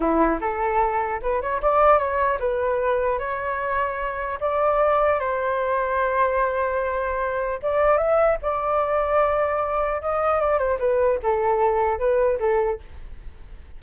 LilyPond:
\new Staff \with { instrumentName = "flute" } { \time 4/4 \tempo 4 = 150 e'4 a'2 b'8 cis''8 | d''4 cis''4 b'2 | cis''2. d''4~ | d''4 c''2.~ |
c''2. d''4 | e''4 d''2.~ | d''4 dis''4 d''8 c''8 b'4 | a'2 b'4 a'4 | }